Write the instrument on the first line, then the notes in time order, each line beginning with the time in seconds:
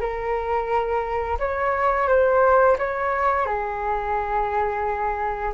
flute
0.00 A#4
1.39 C#5
2.08 C5
2.78 C#5
3.46 G#4